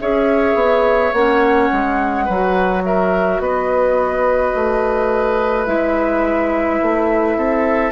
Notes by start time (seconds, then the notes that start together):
0.00 C#4 G#4 C#5 E5
0.55 B3
1.13 A#3 C#4 F#5
1.72 G#3
2.25 F#3 F#4 B4
2.84 A#4 E5
3.40 B3 B4 D#5
4.55 A3
5.66 G#3 E4 E5
6.82 A3
7.37 C4 A4